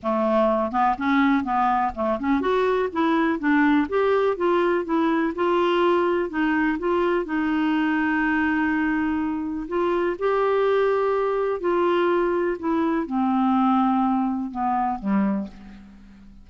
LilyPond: \new Staff \with { instrumentName = "clarinet" } { \time 4/4 \tempo 4 = 124 a4. b8 cis'4 b4 | a8 cis'8 fis'4 e'4 d'4 | g'4 f'4 e'4 f'4~ | f'4 dis'4 f'4 dis'4~ |
dis'1 | f'4 g'2. | f'2 e'4 c'4~ | c'2 b4 g4 | }